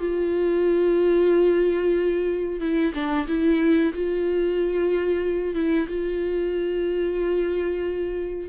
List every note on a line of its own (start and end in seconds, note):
0.00 2.61 F4
2.61 2.93 E4
2.94 3.27 D4
3.28 3.93 E4
3.94 5.55 F4
5.55 5.87 E4
5.88 8.49 F4